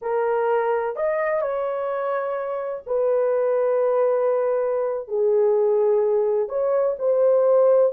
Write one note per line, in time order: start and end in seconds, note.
0.01 0.96 A#4
0.96 1.41 D#5
1.41 2.83 C#5
2.86 5.08 B4
5.08 6.49 G#4
6.49 6.96 C#5
6.98 7.92 C5